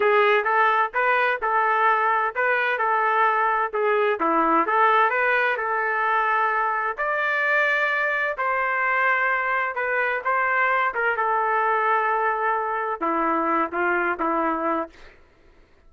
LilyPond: \new Staff \with { instrumentName = "trumpet" } { \time 4/4 \tempo 4 = 129 gis'4 a'4 b'4 a'4~ | a'4 b'4 a'2 | gis'4 e'4 a'4 b'4 | a'2. d''4~ |
d''2 c''2~ | c''4 b'4 c''4. ais'8 | a'1 | e'4. f'4 e'4. | }